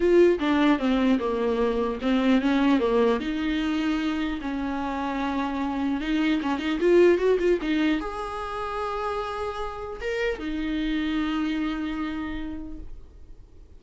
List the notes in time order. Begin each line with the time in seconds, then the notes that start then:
0.00 F4
0.39 D4
0.78 C4
1.19 A#3
2.01 C4
2.41 C#4
2.79 A#3
3.20 D#4
4.41 C#4
6.00 D#4
6.42 C#4
6.59 D#4
6.80 F4
7.17 F#4
7.39 F4
7.61 D#4
8.00 G#4
10.00 A#4
10.38 D#4